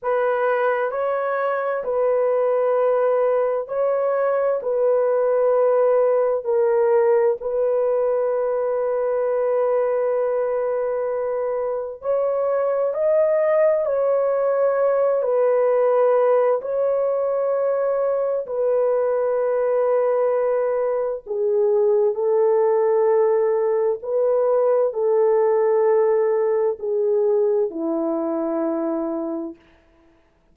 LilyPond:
\new Staff \with { instrumentName = "horn" } { \time 4/4 \tempo 4 = 65 b'4 cis''4 b'2 | cis''4 b'2 ais'4 | b'1~ | b'4 cis''4 dis''4 cis''4~ |
cis''8 b'4. cis''2 | b'2. gis'4 | a'2 b'4 a'4~ | a'4 gis'4 e'2 | }